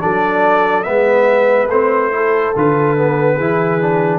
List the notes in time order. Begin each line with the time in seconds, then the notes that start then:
0.00 F#3 D4 A4 D5
0.83 G#3 B3 B4 E5
1.68 A3 C4 C5
2.12 E4 A4
2.56 D3 F4 B4
2.98 B3
3.35 E3 E4 G#4
3.81 D4